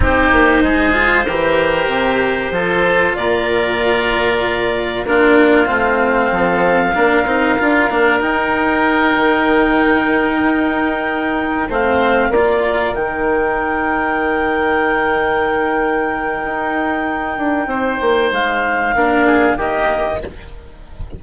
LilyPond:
<<
  \new Staff \with { instrumentName = "clarinet" } { \time 4/4 \tempo 4 = 95 c''1~ | c''4 d''2. | ais'4 f''2.~ | f''4 g''2.~ |
g''2~ g''8 f''4 d''8~ | d''8 g''2.~ g''8~ | g''1~ | g''4 f''2 dis''4 | }
  \new Staff \with { instrumentName = "oboe" } { \time 4/4 g'4 gis'4 ais'2 | a'4 ais'2. | f'2 a'4 ais'4~ | ais'1~ |
ais'2~ ais'8 c''4 ais'8~ | ais'1~ | ais'1 | c''2 ais'8 gis'8 g'4 | }
  \new Staff \with { instrumentName = "cello" } { \time 4/4 dis'4. f'8 g'2 | f'1 | d'4 c'2 d'8 dis'8 | f'8 d'8 dis'2.~ |
dis'2~ dis'8 c'4 f'8~ | f'8 dis'2.~ dis'8~ | dis'1~ | dis'2 d'4 ais4 | }
  \new Staff \with { instrumentName = "bassoon" } { \time 4/4 c'8 ais8 gis4 e4 c4 | f4 ais,2. | ais4 a4 f4 ais8 c'8 | d'8 ais8 dis'4. dis4.~ |
dis8 dis'2 a4 ais8~ | ais8 dis2.~ dis8~ | dis2 dis'4. d'8 | c'8 ais8 gis4 ais4 dis4 | }
>>